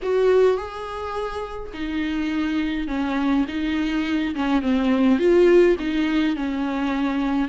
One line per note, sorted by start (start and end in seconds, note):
0.02 0.57 F#4
0.57 1.72 G#4
1.73 2.87 D#4
2.87 3.45 C#4
3.48 4.34 D#4
4.35 4.62 C#4
4.62 5.18 C4
5.18 5.76 F4
5.79 6.35 D#4
6.35 7.48 C#4